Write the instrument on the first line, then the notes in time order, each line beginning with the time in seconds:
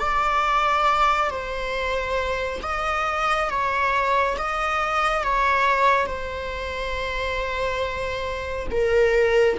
viola
0.00 D5
1.30 C5
2.63 D#5
3.50 C#5
4.38 D#5
5.24 C#5
6.06 C5
8.71 A#4